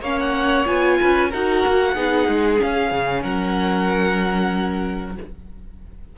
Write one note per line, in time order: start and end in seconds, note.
0.00 0.65 A#3
0.00 0.65 C#4
0.00 0.98 C#5
0.00 0.19 F5
0.20 0.67 F#5
0.65 0.99 B3
0.65 1.30 F4
0.65 1.31 G#5
1.00 1.32 C#4
1.00 1.30 B4
1.30 1.65 D#4
1.30 1.95 F#4
1.30 1.93 A#4
1.30 2.61 F#5
1.66 1.96 A#3
1.93 2.27 B3
1.93 2.57 D#4
1.93 3.22 G#4
2.27 2.60 G#3
2.57 5.15 C#4
2.57 3.22 F5
2.64 2.91 C#4
2.91 3.23 C#3
3.22 5.17 F#3
3.22 5.15 A#4
3.22 5.16 F#5